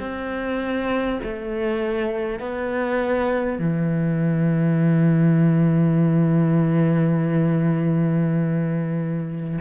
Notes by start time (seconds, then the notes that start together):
0.00 C4
1.23 A3
2.40 B3
3.59 E3